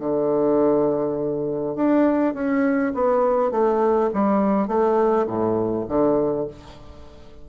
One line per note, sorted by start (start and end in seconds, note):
0.00 1.76 D3
1.76 2.34 D4
2.34 2.93 C#4
2.95 3.51 B3
3.51 4.10 A3
4.14 4.68 G3
4.68 5.27 A3
5.27 5.86 A2
5.89 6.47 D3